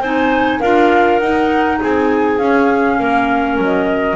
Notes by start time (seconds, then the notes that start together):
0.00 C4 D#4 C5 G#5
0.60 D4 F4 A#4 F5
1.19 D#4 F#5
1.81 C4 G#4 G#5
2.39 C#4 F5
2.99 A#3 A#4
3.58 F#3 D#5